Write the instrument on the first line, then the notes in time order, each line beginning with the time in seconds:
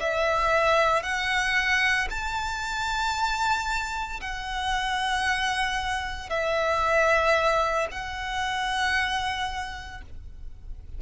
violin
0.00 E5
1.03 F#5
2.10 A5
4.21 F#5
6.30 E5
7.91 F#5